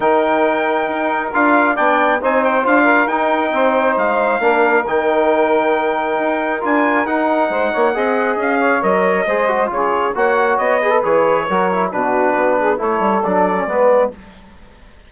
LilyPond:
<<
  \new Staff \with { instrumentName = "trumpet" } { \time 4/4 \tempo 4 = 136 g''2. f''4 | g''4 gis''8 g''8 f''4 g''4~ | g''4 f''2 g''4~ | g''2. gis''4 |
fis''2. f''4 | dis''2 cis''4 fis''4 | dis''4 cis''2 b'4~ | b'4 cis''4 d''2 | }
  \new Staff \with { instrumentName = "saxophone" } { \time 4/4 ais'1 | d''4 c''4. ais'4. | c''2 ais'2~ | ais'1~ |
ais'4 c''8 cis''8 dis''4. cis''8~ | cis''4 c''4 gis'4 cis''4~ | cis''8 b'4. ais'4 fis'4~ | fis'8 gis'8 a'2 b'4 | }
  \new Staff \with { instrumentName = "trombone" } { \time 4/4 dis'2. f'4 | d'4 dis'4 f'4 dis'4~ | dis'2 d'4 dis'4~ | dis'2. f'4 |
dis'2 gis'2 | ais'4 gis'8 fis'8 f'4 fis'4~ | fis'8 gis'16 a'16 gis'4 fis'8 e'8 d'4~ | d'4 e'4 d'8. cis'16 b4 | }
  \new Staff \with { instrumentName = "bassoon" } { \time 4/4 dis2 dis'4 d'4 | b4 c'4 d'4 dis'4 | c'4 gis4 ais4 dis4~ | dis2 dis'4 d'4 |
dis'4 gis8 ais8 c'4 cis'4 | fis4 gis4 cis4 ais4 | b4 e4 fis4 b,4 | b4 a8 g8 fis4 gis4 | }
>>